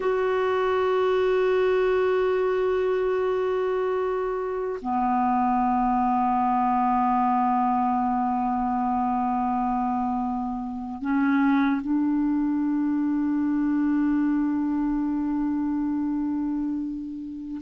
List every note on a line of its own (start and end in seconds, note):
0.00 4.79 F#4
4.81 11.01 B3
11.01 11.81 C#4
11.81 17.61 D4